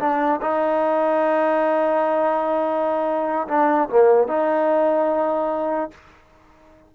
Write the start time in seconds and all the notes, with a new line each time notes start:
0.00 D4
0.42 D#4
3.48 D4
3.90 A#3
4.28 D#4